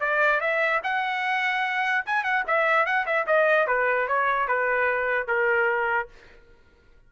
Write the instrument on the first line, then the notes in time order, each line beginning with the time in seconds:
trumpet
0.00 D5
0.40 E5
0.83 F#5
2.06 G#5
2.23 F#5
2.47 E5
2.85 F#5
3.06 E5
3.26 D#5
3.67 B4
4.08 C#5
4.47 B4
5.27 A#4